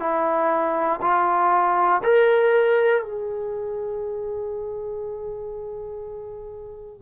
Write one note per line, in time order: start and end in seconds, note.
0.00 1.00 E4
1.02 2.02 F4
2.03 3.03 A#4
3.03 7.02 G#4